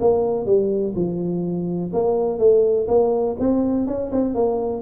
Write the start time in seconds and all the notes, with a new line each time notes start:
0.00 A#3
0.46 G3
0.95 F3
1.93 A#3
2.39 A3
2.88 A#3
3.39 C4
3.87 C#4
4.12 C4
4.34 A#3